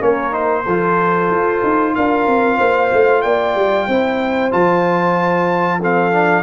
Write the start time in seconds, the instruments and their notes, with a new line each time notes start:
0.00 tuba A#3, trombone C#4, horn A#4, trumpet C#5
0.31 trombone D#4, trumpet C5
0.64 tuba F3, trombone F4, horn A4
1.30 tuba F4
1.63 tuba D#4
1.94 tuba D4, horn A#4, trumpet F5
2.26 tuba C4
2.57 tuba A#3, horn C5
2.92 tuba A3
3.21 tuba A#3, horn D5, trumpet G5
3.55 tuba G3
3.88 tuba C4, trombone E4, horn C5
4.51 tuba F3, trombone F4, trumpet A5
5.80 trombone C4, horn A4, trumpet F5
6.12 trombone D4